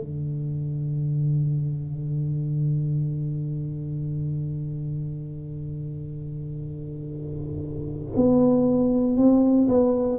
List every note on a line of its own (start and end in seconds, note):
0.00 8.14 D3
8.16 9.17 B3
9.17 9.68 C4
9.68 10.19 B3